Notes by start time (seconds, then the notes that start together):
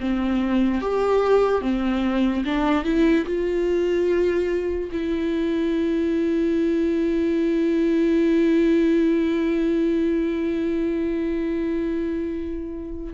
0.00 C4
0.81 G4
1.62 C4
2.45 D4
2.84 E4
3.26 F4
4.92 E4